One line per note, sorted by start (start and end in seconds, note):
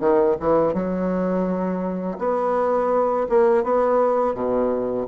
0.00 0.36 D#3
0.40 0.74 E3
0.74 2.18 F#3
2.19 3.27 B3
3.29 3.63 A#3
3.63 4.35 B3
4.35 5.07 B2